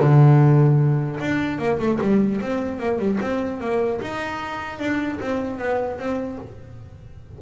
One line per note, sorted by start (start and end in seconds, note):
0.00 1.20 D3
1.21 1.59 D4
1.59 1.79 A#3
1.79 1.99 A3
2.01 2.41 G3
2.41 2.80 C4
2.80 2.99 A#3
2.99 3.19 G3
3.21 3.61 C4
3.61 4.01 A#3
4.01 4.79 D#4
4.79 5.19 D4
5.21 5.59 C4
5.59 5.99 B3
5.99 6.39 C4